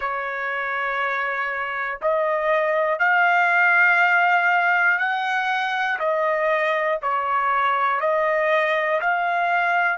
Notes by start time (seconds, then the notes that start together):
0.00 C#5
2.01 D#5
2.99 F5
4.98 F#5
5.99 D#5
7.02 C#5
8.00 D#5
9.00 F5